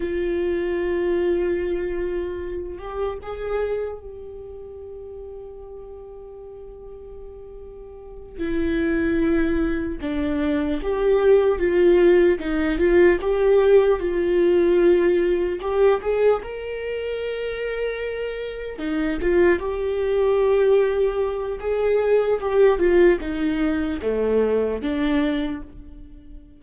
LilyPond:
\new Staff \with { instrumentName = "viola" } { \time 4/4 \tempo 4 = 75 f'2.~ f'8 g'8 | gis'4 g'2.~ | g'2~ g'8 e'4.~ | e'8 d'4 g'4 f'4 dis'8 |
f'8 g'4 f'2 g'8 | gis'8 ais'2. dis'8 | f'8 g'2~ g'8 gis'4 | g'8 f'8 dis'4 a4 d'4 | }